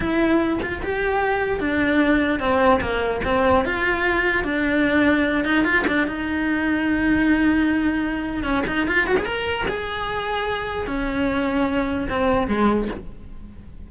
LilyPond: \new Staff \with { instrumentName = "cello" } { \time 4/4 \tempo 4 = 149 e'4. f'8 g'2 | d'2 c'4 ais4 | c'4 f'2 d'4~ | d'4. dis'8 f'8 d'8 dis'4~ |
dis'1~ | dis'4 cis'8 dis'8 f'8 fis'16 gis'16 ais'4 | gis'2. cis'4~ | cis'2 c'4 gis4 | }